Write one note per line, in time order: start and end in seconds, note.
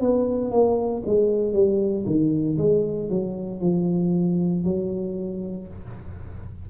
0.00 0.51 B3
0.51 1.03 A#3
1.05 1.53 G#3
1.53 2.05 G3
2.05 2.57 D#3
2.58 3.09 G#3
3.09 3.61 F#3
3.61 4.64 F3
4.64 5.68 F#3